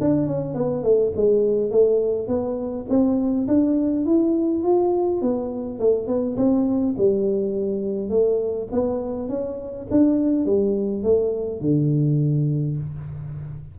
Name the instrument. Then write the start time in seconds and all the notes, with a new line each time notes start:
tuba
0.00 D4
0.27 C#4
0.54 B3
0.83 A3
1.16 G#3
1.71 A3
2.27 B3
2.89 C4
3.48 D4
4.05 E4
4.63 F4
5.21 B3
5.79 A3
6.07 B3
6.37 C4
6.97 G3
8.09 A3
8.71 B3
9.29 C#4
9.91 D4
10.45 G3
11.03 A3
11.61 D3